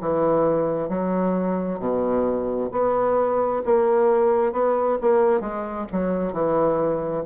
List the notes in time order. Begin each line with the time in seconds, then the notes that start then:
0.00 E3
0.88 F#3
1.79 B2
2.71 B3
3.65 A#3
4.52 B3
5.01 A#3
5.40 G#3
5.92 F#3
6.32 E3